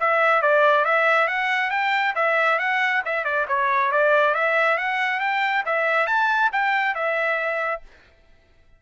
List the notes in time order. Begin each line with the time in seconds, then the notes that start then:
0.00 E5
0.42 D5
0.84 E5
1.27 F#5
1.70 G5
2.15 E5
2.59 F#5
3.05 E5
3.24 D5
3.48 C#5
3.91 D5
4.34 E5
4.77 F#5
5.20 G5
5.65 E5
6.07 A5
6.52 G5
6.94 E5